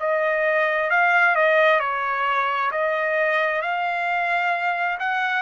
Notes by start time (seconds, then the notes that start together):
0.00 D#5
0.90 F5
1.36 D#5
1.80 C#5
2.71 D#5
3.62 F5
5.00 F#5